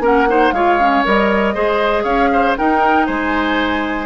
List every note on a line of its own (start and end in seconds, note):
0.00 0.51 A#3
0.00 0.27 C#4
0.00 0.28 A#4
0.00 0.53 F#5
0.28 0.53 D#4
0.28 0.54 C5
0.52 1.03 G#3
0.52 0.80 F4
0.52 1.54 C#5
0.52 1.03 F5
0.80 1.05 C#4
1.05 1.55 G3
1.05 1.55 A#4
1.05 2.04 D#5
1.54 2.04 G#3
1.54 2.56 G#4
1.54 2.03 C5
2.03 2.55 C#4
2.03 2.29 C#5
2.03 2.55 F5
2.33 2.58 C5
2.58 4.06 D#4
2.58 3.08 D#4
2.58 3.06 A#4
2.58 3.06 G5
3.06 4.06 G#3
3.06 4.06 C5
3.06 4.06 G#5